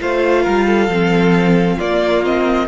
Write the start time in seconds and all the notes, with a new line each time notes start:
0.00 A3 F4 C5 F5
0.43 G3 A#4
0.66 A4
0.88 F3 C4
1.77 A#3 F4 D5
2.24 C4 D#5